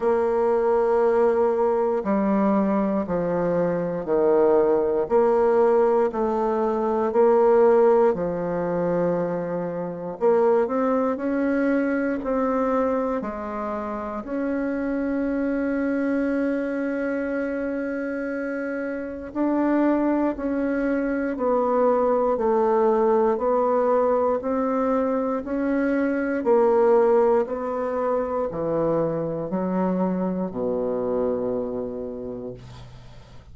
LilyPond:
\new Staff \with { instrumentName = "bassoon" } { \time 4/4 \tempo 4 = 59 ais2 g4 f4 | dis4 ais4 a4 ais4 | f2 ais8 c'8 cis'4 | c'4 gis4 cis'2~ |
cis'2. d'4 | cis'4 b4 a4 b4 | c'4 cis'4 ais4 b4 | e4 fis4 b,2 | }